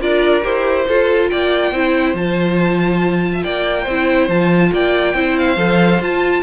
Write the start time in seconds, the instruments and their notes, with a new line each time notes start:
0.00 cello D4, viola F4, violin A#4 D5
0.42 cello E4, viola G4, violin C5
0.87 cello F4, viola F4, violin A4
1.29 cello A#3, violin D5 G5
1.71 cello C4, viola E4, violin C5
2.13 cello F3, viola F4, violin A5
3.32 violin E5
3.42 cello A#3, violin D5 G5
3.82 cello C4, violin C5
3.89 viola E4
4.28 cello F3, viola F4, violin A5
4.72 cello A#3, violin D5 G5
5.13 cello C4, viola E4, violin C5
5.37 violin F5
5.56 cello F3, viola A4
5.99 cello F4, viola F4, violin A5